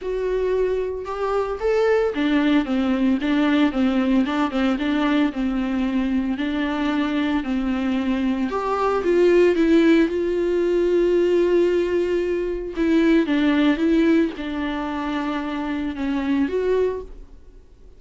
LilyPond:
\new Staff \with { instrumentName = "viola" } { \time 4/4 \tempo 4 = 113 fis'2 g'4 a'4 | d'4 c'4 d'4 c'4 | d'8 c'8 d'4 c'2 | d'2 c'2 |
g'4 f'4 e'4 f'4~ | f'1 | e'4 d'4 e'4 d'4~ | d'2 cis'4 fis'4 | }